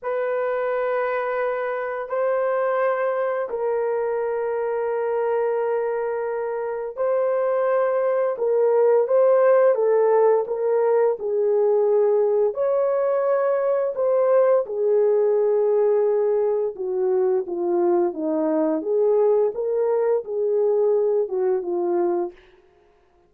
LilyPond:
\new Staff \with { instrumentName = "horn" } { \time 4/4 \tempo 4 = 86 b'2. c''4~ | c''4 ais'2.~ | ais'2 c''2 | ais'4 c''4 a'4 ais'4 |
gis'2 cis''2 | c''4 gis'2. | fis'4 f'4 dis'4 gis'4 | ais'4 gis'4. fis'8 f'4 | }